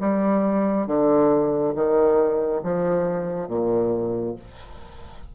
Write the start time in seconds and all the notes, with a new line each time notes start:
0.00 G3
0.87 D3
1.75 D#3
2.63 F3
3.48 A#2